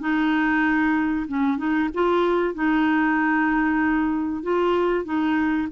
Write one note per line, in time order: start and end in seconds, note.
0.00 1.26 D#4
1.27 1.57 C#4
1.57 1.89 D#4
1.94 2.54 F4
2.54 4.43 D#4
4.43 5.05 F4
5.05 5.68 D#4